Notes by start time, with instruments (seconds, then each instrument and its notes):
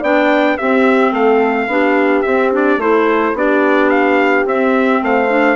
0.00 bassoon B3, clarinet D4, horn D5, trumpet G5
0.58 clarinet C4, bassoon C4, horn G4, trumpet E5
1.11 bassoon A3, horn A4, trumpet F5
1.67 bassoon B3, clarinet D4, horn G4
2.22 clarinet C4, bassoon C4, trumpet E5
2.52 clarinet D4, trumpet D5
2.77 bassoon A3, clarinet E4, horn A4, trumpet C5
3.34 bassoon B3, clarinet D4, horn G4, trumpet D5
3.89 trumpet F5
4.45 bassoon C4, clarinet C4, trumpet E5
5.02 bassoon A3, horn C5, trumpet F5
5.29 clarinet D4